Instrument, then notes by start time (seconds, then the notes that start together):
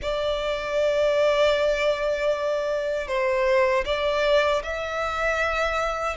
violin
0.02 D5
3.07 C5
3.85 D5
4.63 E5